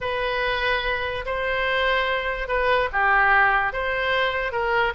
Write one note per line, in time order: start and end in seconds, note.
0.01 1.25 B4
1.25 2.48 C5
2.48 2.89 B4
2.92 3.72 G4
3.72 4.51 C5
4.51 4.93 A#4